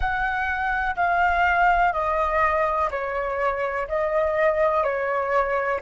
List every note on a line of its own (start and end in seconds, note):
0.00 0.95 F#5
0.95 1.92 F5
1.93 2.89 D#5
2.90 3.87 C#5
3.88 4.83 D#5
4.83 5.80 C#5